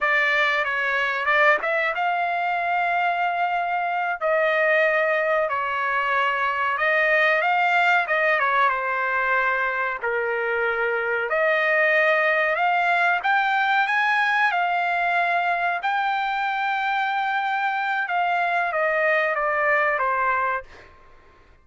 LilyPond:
\new Staff \with { instrumentName = "trumpet" } { \time 4/4 \tempo 4 = 93 d''4 cis''4 d''8 e''8 f''4~ | f''2~ f''8 dis''4.~ | dis''8 cis''2 dis''4 f''8~ | f''8 dis''8 cis''8 c''2 ais'8~ |
ais'4. dis''2 f''8~ | f''8 g''4 gis''4 f''4.~ | f''8 g''2.~ g''8 | f''4 dis''4 d''4 c''4 | }